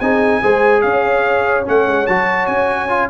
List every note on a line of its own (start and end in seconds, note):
0.00 0.42 C4
0.00 0.43 D#4
0.00 0.41 G#4
0.00 0.81 G#5
0.41 0.83 G#3
0.41 1.64 G#4
0.41 0.82 C5
0.81 1.66 C#4
0.81 3.10 C#5
0.81 1.64 F5
1.64 1.87 A3
1.64 2.06 C#4
1.64 2.07 F#5
1.87 2.07 G#3
2.07 2.47 F#3
2.07 2.88 F#4
2.07 2.46 A5
2.46 3.09 C#4
2.46 3.08 G#5
2.88 3.09 F4